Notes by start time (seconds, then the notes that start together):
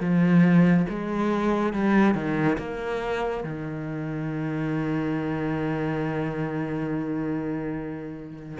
0.00 F3
0.89 G#3
1.73 G3
2.15 D#3
2.58 A#3
3.44 D#3